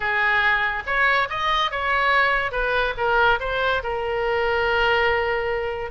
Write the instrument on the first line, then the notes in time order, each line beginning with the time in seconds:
oboe
0.00 G#4
0.86 C#5
1.29 D#5
1.71 C#5
2.51 B4
2.97 A#4
3.40 C5
3.83 A#4